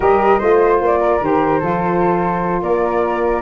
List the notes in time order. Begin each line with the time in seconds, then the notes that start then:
0.00 G3 G4 A#4 D#5
0.38 A3 F4 C5
0.81 A#3 D5
0.99 A#4
1.21 D#3 G4 C5
1.59 F3 F4 A4
2.62 A#3 A#4 D5